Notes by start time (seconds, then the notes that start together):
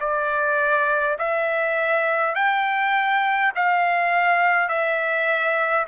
0.00 D5
1.18 E5
2.35 G5
3.55 F5
4.68 E5